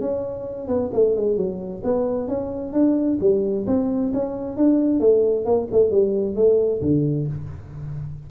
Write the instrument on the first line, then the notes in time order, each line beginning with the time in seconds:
tuba
0.00 C#4
0.67 B3
0.93 A3
1.16 G#3
1.37 F#3
1.83 B3
2.27 C#4
2.73 D4
3.20 G3
3.67 C4
4.14 C#4
4.57 D4
5.00 A3
5.45 A#3
5.71 A3
5.90 G3
6.36 A3
6.82 D3